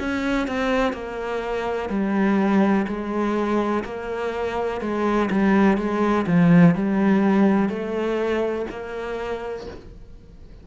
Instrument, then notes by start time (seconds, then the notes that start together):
cello
0.00 C#4
0.48 C4
0.93 A#3
1.90 G3
2.87 G#3
3.85 A#3
4.82 G#3
5.31 G3
5.78 G#3
6.27 F3
6.75 G3
7.69 A3
8.71 A#3